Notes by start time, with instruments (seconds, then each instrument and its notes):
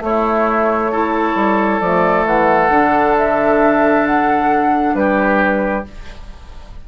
0.00 bassoon A3, clarinet A3, oboe E4, flute C#5
0.91 clarinet E4, oboe A4
1.35 bassoon G3
1.80 bassoon F3, clarinet A3, flute D5
2.25 bassoon E3, flute F#5
2.70 bassoon D3, clarinet D4
3.18 flute E5
4.07 flute F#5
4.95 bassoon G3, oboe G4, flute B4